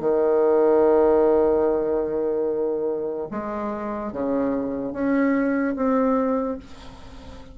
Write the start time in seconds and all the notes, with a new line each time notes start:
0.00 D#3
3.31 G#3
4.12 C#3
4.93 C#4
5.76 C4